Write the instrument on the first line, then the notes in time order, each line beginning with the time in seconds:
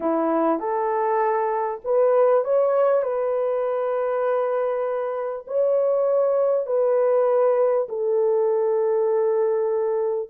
horn
0.00 E4
0.59 A4
1.84 B4
2.44 C#5
3.02 B4
5.47 C#5
6.66 B4
7.88 A4